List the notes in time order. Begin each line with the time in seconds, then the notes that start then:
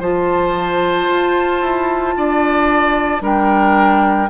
0.00 F3 F4 C5 A5
1.09 F4
1.61 E4
2.17 D4 D5
3.21 G3 D4 A#4 G5